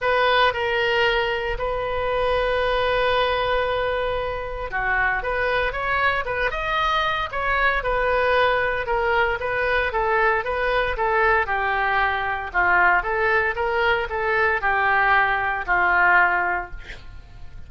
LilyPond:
\new Staff \with { instrumentName = "oboe" } { \time 4/4 \tempo 4 = 115 b'4 ais'2 b'4~ | b'1~ | b'4 fis'4 b'4 cis''4 | b'8 dis''4. cis''4 b'4~ |
b'4 ais'4 b'4 a'4 | b'4 a'4 g'2 | f'4 a'4 ais'4 a'4 | g'2 f'2 | }